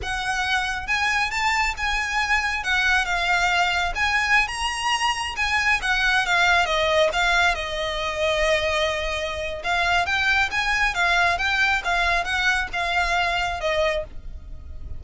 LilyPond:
\new Staff \with { instrumentName = "violin" } { \time 4/4 \tempo 4 = 137 fis''2 gis''4 a''4 | gis''2 fis''4 f''4~ | f''4 gis''4~ gis''16 ais''4.~ ais''16~ | ais''16 gis''4 fis''4 f''4 dis''8.~ |
dis''16 f''4 dis''2~ dis''8.~ | dis''2 f''4 g''4 | gis''4 f''4 g''4 f''4 | fis''4 f''2 dis''4 | }